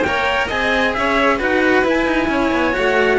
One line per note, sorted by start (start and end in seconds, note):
0.00 0.45 A#3
0.00 0.47 G5
0.06 0.50 A#4
0.06 0.47 C#5
0.47 0.96 C4
0.47 1.39 G#4
0.47 0.92 D#5
0.47 0.94 G#5
0.94 1.41 C#4
0.94 1.37 C#5
0.94 1.39 E5
1.37 1.83 D#4
1.37 1.84 F#4
1.37 2.27 B4
1.37 1.87 F#5
1.83 2.05 E4
1.83 2.72 E4
1.83 2.77 G#5
2.05 2.28 D#4
2.28 2.51 C#4
2.28 3.19 C#5
2.52 2.74 B3
2.72 3.19 A3
2.72 3.17 F#4
2.72 3.19 F#5